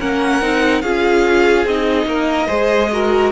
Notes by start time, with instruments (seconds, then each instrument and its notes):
0.00 cello A#3, viola C#4, violin A#4 F#5
0.41 cello C4, viola D#4
0.82 cello C#4, viola F4, violin G#4 F5
1.66 cello C4, viola D#4, violin D#5
2.06 cello A#3, violin A#4
2.48 cello G#3, viola G#4, violin C5
2.93 viola F#4, violin A#4